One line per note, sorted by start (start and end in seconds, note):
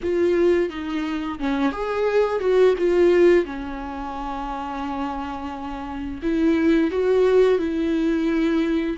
0.03 0.69 F4
0.69 1.38 D#4
1.39 1.72 C#4
1.72 2.39 G#4
2.39 2.74 F#4
2.77 3.45 F4
3.45 6.21 C#4
6.22 6.90 E4
6.90 7.58 F#4
7.58 8.96 E4